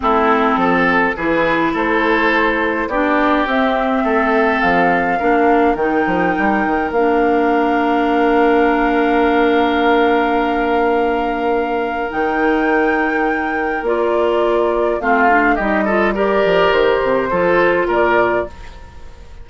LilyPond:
<<
  \new Staff \with { instrumentName = "flute" } { \time 4/4 \tempo 4 = 104 a'2 b'4 c''4~ | c''4 d''4 e''2 | f''2 g''2 | f''1~ |
f''1~ | f''4 g''2. | d''2 f''4 dis''4 | d''4 c''2 d''4 | }
  \new Staff \with { instrumentName = "oboe" } { \time 4/4 e'4 a'4 gis'4 a'4~ | a'4 g'2 a'4~ | a'4 ais'2.~ | ais'1~ |
ais'1~ | ais'1~ | ais'2 f'4 g'8 a'8 | ais'2 a'4 ais'4 | }
  \new Staff \with { instrumentName = "clarinet" } { \time 4/4 c'2 e'2~ | e'4 d'4 c'2~ | c'4 d'4 dis'2 | d'1~ |
d'1~ | d'4 dis'2. | f'2 c'8 d'8 dis'8 f'8 | g'2 f'2 | }
  \new Staff \with { instrumentName = "bassoon" } { \time 4/4 a4 f4 e4 a4~ | a4 b4 c'4 a4 | f4 ais4 dis8 f8 g8 dis8 | ais1~ |
ais1~ | ais4 dis2. | ais2 a4 g4~ | g8 f8 dis8 c8 f4 ais,4 | }
>>